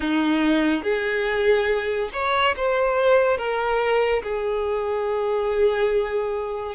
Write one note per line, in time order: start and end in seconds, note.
0.00 0.83 D#4
0.83 2.09 G#4
2.12 2.55 C#5
2.56 3.37 C5
3.37 4.22 A#4
4.23 6.75 G#4